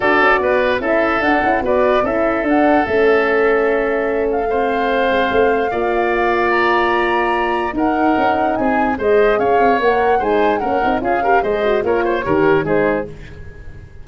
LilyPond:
<<
  \new Staff \with { instrumentName = "flute" } { \time 4/4 \tempo 4 = 147 d''2 e''4 fis''4 | d''4 e''4 fis''4 e''4~ | e''2~ e''8 f''4.~ | f''1 |
ais''2. fis''4~ | fis''4 gis''4 dis''4 f''4 | fis''4 gis''4 fis''4 f''4 | dis''4 cis''2 c''4 | }
  \new Staff \with { instrumentName = "oboe" } { \time 4/4 a'4 b'4 a'2 | b'4 a'2.~ | a'2. c''4~ | c''2 d''2~ |
d''2. ais'4~ | ais'4 gis'4 c''4 cis''4~ | cis''4 c''4 ais'4 gis'8 ais'8 | c''4 ais'8 c''8 ais'4 gis'4 | }
  \new Staff \with { instrumentName = "horn" } { \time 4/4 fis'2 e'4 d'8 e'8 | fis'4 e'4 d'4 cis'4~ | cis'2. c'4~ | c'2 f'2~ |
f'2. dis'4~ | dis'2 gis'2 | ais'4 dis'4 cis'8 dis'8 f'8 g'8 | gis'8 fis'8 f'4 g'4 dis'4 | }
  \new Staff \with { instrumentName = "tuba" } { \time 4/4 d'8 cis'8 b4 cis'4 d'8 cis'8 | b4 cis'4 d'4 a4~ | a1~ | a8 gis8 a4 ais2~ |
ais2. dis'4 | cis'4 c'4 gis4 cis'8 c'8 | ais4 gis4 ais8 c'8 cis'4 | gis4 ais4 dis4 gis4 | }
>>